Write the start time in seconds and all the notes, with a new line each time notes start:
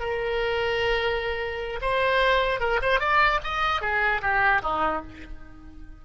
0.00 A#4
1.81 C5
2.60 A#4
2.82 C5
3.00 D5
3.44 D#5
3.81 G#4
4.22 G4
4.62 D#4